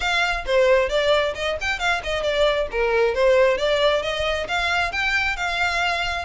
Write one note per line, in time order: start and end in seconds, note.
0.00 0.44 F5
0.46 0.89 C5
0.89 1.34 D5
1.34 1.57 D#5
1.60 1.79 G5
1.79 2.01 F5
2.03 2.22 D#5
2.22 2.67 D5
2.71 3.14 A#4
3.14 3.57 C5
3.57 4.02 D5
4.02 4.47 D#5
4.48 4.92 F5
4.92 5.36 G5
5.36 6.25 F5